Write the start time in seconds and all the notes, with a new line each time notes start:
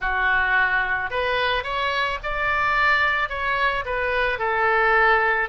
0.00 F#4
1.10 B4
1.63 C#5
2.23 D5
3.29 C#5
3.85 B4
4.39 A4